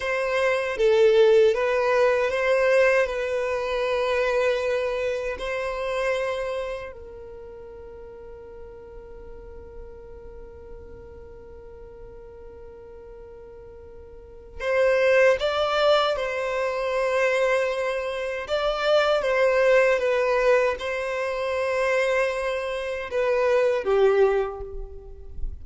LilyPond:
\new Staff \with { instrumentName = "violin" } { \time 4/4 \tempo 4 = 78 c''4 a'4 b'4 c''4 | b'2. c''4~ | c''4 ais'2.~ | ais'1~ |
ais'2. c''4 | d''4 c''2. | d''4 c''4 b'4 c''4~ | c''2 b'4 g'4 | }